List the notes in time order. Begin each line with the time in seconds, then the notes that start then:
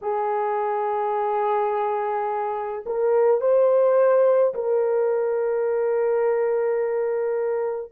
0.01 G#4
2.86 A#4
3.40 C5
4.54 A#4